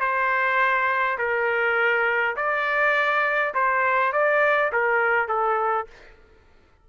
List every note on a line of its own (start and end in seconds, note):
0.00 1.18 C5
1.18 2.36 A#4
2.36 3.54 D5
3.54 4.13 C5
4.13 4.71 D5
4.72 5.28 A#4
5.28 5.87 A4